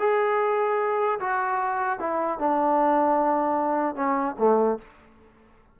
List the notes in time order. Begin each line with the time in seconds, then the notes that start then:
0.00 G#4
1.20 F#4
2.00 E4
2.40 D4
3.96 C#4
4.39 A3